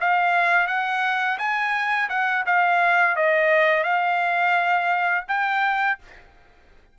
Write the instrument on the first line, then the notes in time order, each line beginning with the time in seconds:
trumpet
0.00 F5
0.67 F#5
1.38 G#5
2.09 F#5
2.45 F5
3.16 D#5
3.83 F5
5.27 G5